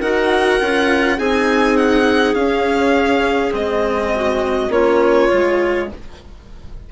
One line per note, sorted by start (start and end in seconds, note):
0.00 0.60 D#4
0.00 0.60 F#4
0.00 1.17 A#4
0.00 1.19 F#5
0.60 1.19 C#4
0.60 1.18 F4
1.17 2.34 C4
1.17 2.35 D#4
1.17 4.11 G#4
1.17 1.76 G#5
1.76 2.34 F#5
2.34 3.52 C#4
2.34 3.51 C#4
2.34 3.52 F5
3.51 4.69 G#3
3.51 4.69 C4
3.51 4.72 D#5
4.15 4.71 F#4
4.69 5.28 A#3
4.69 5.28 C#4
4.69 5.89 F4
4.69 5.89 C#5
5.28 5.92 G#3
5.28 5.87 F4